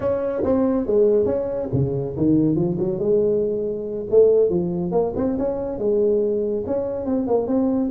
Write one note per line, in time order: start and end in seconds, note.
0.00 0.43 C#4
0.43 0.86 C4
0.86 1.25 G#3
1.25 1.68 C#4
1.72 2.15 C#3
2.16 2.55 D#3
2.55 2.77 F3
2.79 2.99 F#3
2.99 4.06 G#3
4.10 4.49 A3
4.49 4.91 F3
4.91 5.13 A#3
5.15 5.37 C4
5.38 5.78 C#4
5.78 6.64 G#3
6.66 7.05 C#4
7.05 7.27 C4
7.27 7.47 A#3
7.47 7.90 C4